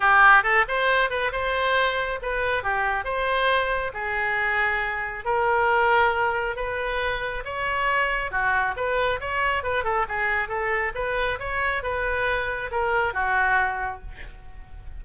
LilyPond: \new Staff \with { instrumentName = "oboe" } { \time 4/4 \tempo 4 = 137 g'4 a'8 c''4 b'8 c''4~ | c''4 b'4 g'4 c''4~ | c''4 gis'2. | ais'2. b'4~ |
b'4 cis''2 fis'4 | b'4 cis''4 b'8 a'8 gis'4 | a'4 b'4 cis''4 b'4~ | b'4 ais'4 fis'2 | }